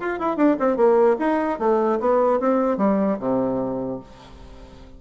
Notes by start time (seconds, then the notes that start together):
0.00 F4
0.19 E4
0.37 D4
0.59 C4
0.77 A#3
1.19 D#4
1.59 A3
2.00 B3
2.40 C4
2.78 G3
3.19 C3